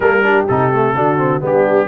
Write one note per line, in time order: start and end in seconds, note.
0.00 0.47 G3
0.00 0.23 A#3
0.00 0.23 A4
0.00 0.45 A#4
0.23 0.46 D4
0.23 0.95 G4
0.47 0.94 C3
0.47 0.72 D#4
0.47 1.42 A4
0.72 0.95 A3
0.94 1.41 D3
0.94 1.17 D4
0.94 1.42 F#4
1.17 1.40 C4
1.40 1.88 G3
1.40 1.87 B3
1.40 1.88 D4
1.40 1.88 G4